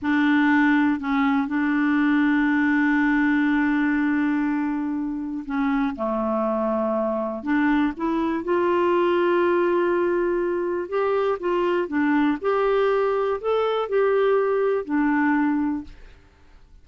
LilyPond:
\new Staff \with { instrumentName = "clarinet" } { \time 4/4 \tempo 4 = 121 d'2 cis'4 d'4~ | d'1~ | d'2. cis'4 | a2. d'4 |
e'4 f'2.~ | f'2 g'4 f'4 | d'4 g'2 a'4 | g'2 d'2 | }